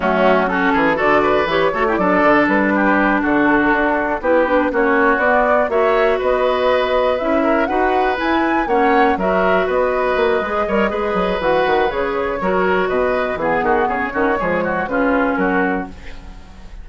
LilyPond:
<<
  \new Staff \with { instrumentName = "flute" } { \time 4/4 \tempo 4 = 121 fis'4 a'4 d''4 cis''4 | d''4 b'4. a'4.~ | a'8 b'4 cis''4 d''4 e''8~ | e''8 dis''2 e''4 fis''8~ |
fis''8 gis''4 fis''4 e''4 dis''8~ | dis''2. fis''4 | cis''2 dis''4 gis'4 | cis''2 b'4 ais'4 | }
  \new Staff \with { instrumentName = "oboe" } { \time 4/4 cis'4 fis'8 gis'8 a'8 b'4 a'16 g'16 | a'4. g'4 fis'4.~ | fis'8 g'4 fis'2 cis''8~ | cis''8 b'2~ b'8 ais'8 b'8~ |
b'4. cis''4 ais'4 b'8~ | b'4. cis''8 b'2~ | b'4 ais'4 b'4 gis'8 fis'8 | gis'8 fis'8 gis'8 fis'8 f'4 fis'4 | }
  \new Staff \with { instrumentName = "clarinet" } { \time 4/4 a4 cis'4 fis'4 g'8 fis'16 e'16 | d'1~ | d'8 e'8 d'8 cis'4 b4 fis'8~ | fis'2~ fis'8 e'4 fis'8~ |
fis'8 e'4 cis'4 fis'4.~ | fis'4 gis'8 ais'8 gis'4 fis'4 | gis'4 fis'2 b4~ | b8 cis'8 gis4 cis'2 | }
  \new Staff \with { instrumentName = "bassoon" } { \time 4/4 fis4. e8 d4 e8 a8 | fis8 d8 g4. d4 d'8~ | d'8 b4 ais4 b4 ais8~ | ais8 b2 cis'4 dis'8~ |
dis'8 e'4 ais4 fis4 b8~ | b8 ais8 gis8 g8 gis8 fis8 e8 dis8 | cis4 fis4 b,4 e8 dis8 | cis8 dis8 f4 cis4 fis4 | }
>>